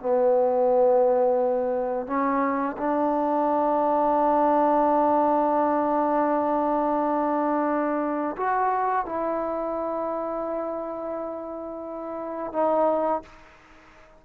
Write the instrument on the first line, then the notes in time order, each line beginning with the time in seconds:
trombone
0.00 B3
2.07 C#4
2.78 D4
8.37 F#4
9.06 E4
12.53 D#4